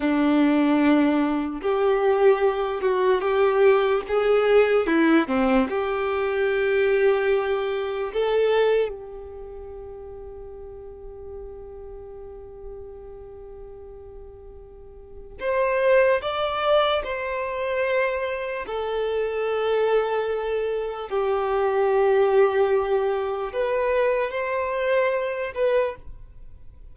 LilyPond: \new Staff \with { instrumentName = "violin" } { \time 4/4 \tempo 4 = 74 d'2 g'4. fis'8 | g'4 gis'4 e'8 c'8 g'4~ | g'2 a'4 g'4~ | g'1~ |
g'2. c''4 | d''4 c''2 a'4~ | a'2 g'2~ | g'4 b'4 c''4. b'8 | }